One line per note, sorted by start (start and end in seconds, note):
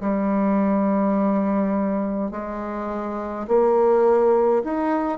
0.00 2.31 G3
2.31 3.46 G#3
3.47 4.63 A#3
4.64 5.18 D#4